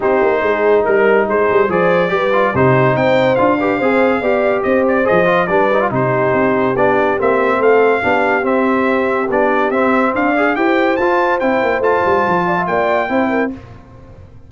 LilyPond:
<<
  \new Staff \with { instrumentName = "trumpet" } { \time 4/4 \tempo 4 = 142 c''2 ais'4 c''4 | d''2 c''4 g''4 | f''2. dis''8 d''8 | dis''4 d''4 c''2 |
d''4 e''4 f''2 | e''2 d''4 e''4 | f''4 g''4 a''4 g''4 | a''2 g''2 | }
  \new Staff \with { instrumentName = "horn" } { \time 4/4 g'4 gis'4 ais'4 gis'4 | c''4 b'4 g'4 c''4~ | c''8 b'8 c''4 d''4 c''4~ | c''4 b'4 g'2~ |
g'2 a'4 g'4~ | g'1 | d''4 c''2.~ | c''4. d''16 e''16 d''4 c''8 ais'8 | }
  \new Staff \with { instrumentName = "trombone" } { \time 4/4 dis'1 | gis'4 g'8 f'8 dis'2 | f'8 g'8 gis'4 g'2 | gis'8 f'8 d'8 dis'16 f'16 dis'2 |
d'4 c'2 d'4 | c'2 d'4 c'4~ | c'8 gis'8 g'4 f'4 e'4 | f'2. e'4 | }
  \new Staff \with { instrumentName = "tuba" } { \time 4/4 c'8 ais8 gis4 g4 gis8 g8 | f4 g4 c4 c'4 | d'4 c'4 b4 c'4 | f4 g4 c4 c'4 |
b4 ais4 a4 b4 | c'2 b4 c'4 | d'4 e'4 f'4 c'8 ais8 | a8 g8 f4 ais4 c'4 | }
>>